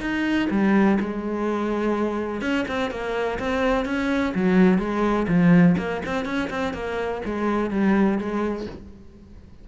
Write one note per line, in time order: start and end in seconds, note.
0.00 0.48 D#4
0.50 0.98 G3
0.99 2.41 G#3
2.41 2.65 C#4
2.68 2.90 C4
2.90 3.38 A#3
3.39 3.85 C4
3.85 4.33 C#4
4.34 4.78 F#3
4.78 5.26 G#3
5.28 5.76 F3
5.77 6.01 A#3
6.05 6.25 C4
6.25 6.49 C#4
6.50 6.73 C4
6.73 7.21 A#3
7.25 7.70 G#3
7.70 8.18 G3
8.18 8.66 G#3